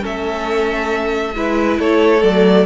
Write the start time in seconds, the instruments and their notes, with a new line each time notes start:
0.00 cello A3, viola C#4, violin A4 E5
1.35 cello G#3, viola E4, violin B4
1.79 cello A3, violin A4 C#5
2.20 cello F#3, viola A3, violin D5